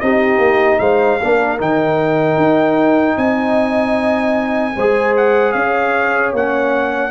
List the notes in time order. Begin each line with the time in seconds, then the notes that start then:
0.00 C4 D#4 G4 D#5
0.38 A#3
0.79 G#3 C5 F5
1.21 A#3 D4 A#4
1.58 D#3 D#4 G5
2.37 D#4
3.17 C4 D#5 G#5
4.75 G#3 G#4 C5
5.17 F#5
5.52 C#4 C#5 F5
6.33 A#3 C#4 F#5